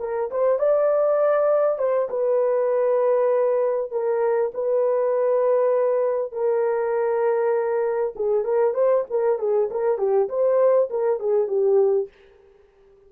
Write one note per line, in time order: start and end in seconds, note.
0.00 0.30 A#4
0.31 0.59 C5
0.59 1.79 D5
1.79 2.09 C5
2.10 3.91 B4
3.91 4.52 A#4
4.54 6.32 B4
6.32 8.14 A#4
8.16 8.45 G#4
8.45 8.74 A#4
8.74 9.05 C5
9.10 9.39 A#4
9.39 9.70 G#4
9.71 9.98 A#4
9.98 10.29 G4
10.29 10.90 C5
10.90 11.20 A#4
11.20 11.48 G#4
11.48 12.09 G4